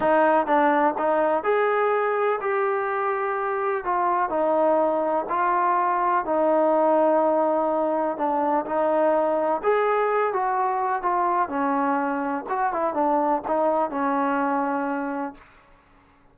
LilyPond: \new Staff \with { instrumentName = "trombone" } { \time 4/4 \tempo 4 = 125 dis'4 d'4 dis'4 gis'4~ | gis'4 g'2. | f'4 dis'2 f'4~ | f'4 dis'2.~ |
dis'4 d'4 dis'2 | gis'4. fis'4. f'4 | cis'2 fis'8 e'8 d'4 | dis'4 cis'2. | }